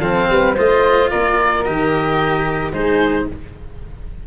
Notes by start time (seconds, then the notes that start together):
0.00 F3 C4 A4 F5
0.29 G3 B4
0.55 A3 F4 C5 D#5
1.10 A#3 A#4 D5
1.64 D#3 G4 D#5
2.71 G#3 D#4 G#4 C5